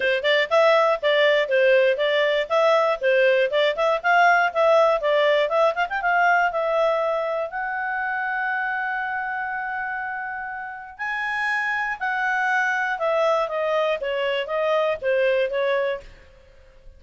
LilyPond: \new Staff \with { instrumentName = "clarinet" } { \time 4/4 \tempo 4 = 120 c''8 d''8 e''4 d''4 c''4 | d''4 e''4 c''4 d''8 e''8 | f''4 e''4 d''4 e''8 f''16 g''16 | f''4 e''2 fis''4~ |
fis''1~ | fis''2 gis''2 | fis''2 e''4 dis''4 | cis''4 dis''4 c''4 cis''4 | }